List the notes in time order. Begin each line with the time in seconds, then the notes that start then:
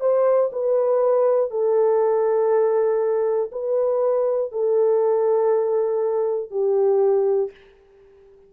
0.00 C5
0.52 B4
1.51 A4
3.51 B4
4.52 A4
6.51 G4